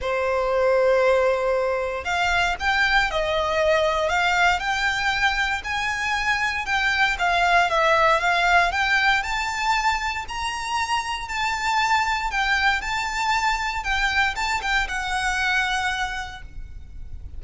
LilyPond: \new Staff \with { instrumentName = "violin" } { \time 4/4 \tempo 4 = 117 c''1 | f''4 g''4 dis''2 | f''4 g''2 gis''4~ | gis''4 g''4 f''4 e''4 |
f''4 g''4 a''2 | ais''2 a''2 | g''4 a''2 g''4 | a''8 g''8 fis''2. | }